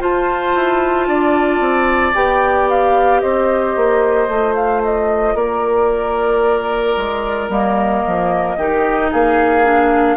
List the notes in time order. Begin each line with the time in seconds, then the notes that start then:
0.00 F4 C5 A5
0.55 E4
1.08 D4 D5
1.60 C4
2.15 B3 G4 G5
2.69 F5
3.21 C4 C5 D#5
3.76 A#3
4.28 A3 F4
4.55 F5
4.84 D#5
5.35 A#3 A#4 D5
6.97 G#3
7.49 G3 A#3 D#5
8.07 F3
8.57 D#3 D#4 G4
9.12 A#3 G#4 F5
9.64 D4